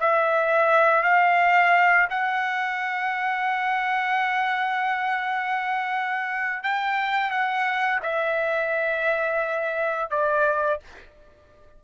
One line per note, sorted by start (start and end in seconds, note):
0.00 1.03 E5
1.03 2.08 F5
2.10 6.63 F#5
6.63 7.30 G5
7.30 8.00 F#5
8.02 10.10 E5
10.10 10.80 D5